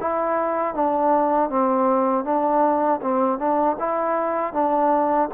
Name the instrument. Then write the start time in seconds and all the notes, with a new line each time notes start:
trombone
0.00 E4
0.74 D4
1.49 C4
2.24 D4
3.01 C4
3.38 D4
3.79 E4
4.53 D4